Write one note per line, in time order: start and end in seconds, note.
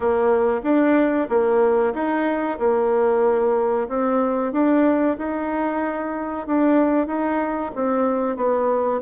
0.00 0.61 A#3
0.63 1.27 D4
1.29 1.93 A#3
1.94 2.58 D#4
2.58 3.87 A#3
3.88 4.52 C4
4.52 5.16 D4
5.18 6.46 D#4
6.46 7.06 D4
7.06 7.71 D#4
7.75 8.36 C4
8.36 9.01 B3